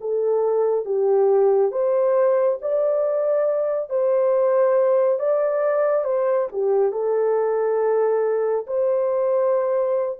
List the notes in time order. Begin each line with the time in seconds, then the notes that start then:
0.00 A4
0.85 G4
1.71 C5
2.61 D5
3.89 C5
5.19 D5
6.04 C5
6.52 G4
6.92 A4
8.66 C5